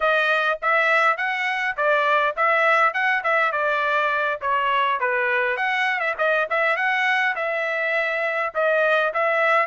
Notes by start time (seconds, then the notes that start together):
0.00 D#5
0.62 E5
1.17 F#5
1.76 D5
2.36 E5
2.93 F#5
3.23 E5
3.52 D5
4.41 C#5
5.00 B4
5.56 F#5
5.99 E5
6.18 D#5
6.49 E5
6.76 F#5
7.35 E5
8.54 D#5
9.13 E5